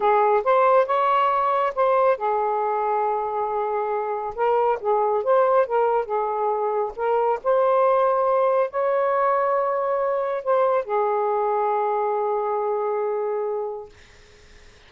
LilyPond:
\new Staff \with { instrumentName = "saxophone" } { \time 4/4 \tempo 4 = 138 gis'4 c''4 cis''2 | c''4 gis'2.~ | gis'2 ais'4 gis'4 | c''4 ais'4 gis'2 |
ais'4 c''2. | cis''1 | c''4 gis'2.~ | gis'1 | }